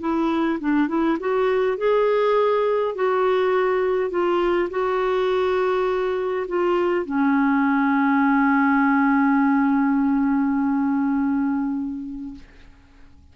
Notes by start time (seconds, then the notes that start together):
0.00 E4
0.60 D4
0.88 E4
1.20 F#4
1.77 G#4
2.95 F#4
4.10 F4
4.70 F#4
6.48 F4
7.05 C#4